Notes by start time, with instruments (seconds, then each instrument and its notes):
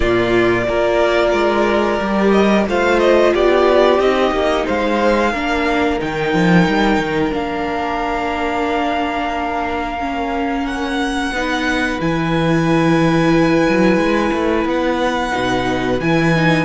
0.00 cello A#2, viola A#3, violin F4 D5
0.68 cello A#3, viola F4, violin A#4
1.32 cello G#3
2.00 cello G3, viola G4
2.31 violin D#5
2.67 cello A3, viola F4, violin C5 F5
2.99 violin D#5
3.33 cello B3, violin G4 D5
3.99 cello C4, viola D#4, violin D#5
4.31 cello A#3
4.65 cello G#3, violin C5 F5
5.32 cello A#3, viola D4, violin A#4
5.99 cello D#3, viola D#4, violin G5
6.33 cello F3
6.67 cello G3
6.98 cello D#3
7.30 cello A#3, viola D4, violin F5
10.00 viola C#4
10.66 violin F#5
11.31 cello B3, viola D#4, violin B4
11.99 cello E3, viola E4, violin G#5
13.69 cello F#3
13.97 cello G#3
14.32 cello A3
14.65 cello B3, violin F#5
15.30 cello B2, viola D#4
16.00 cello E3, viola E4, violin G#5
16.36 viola D#4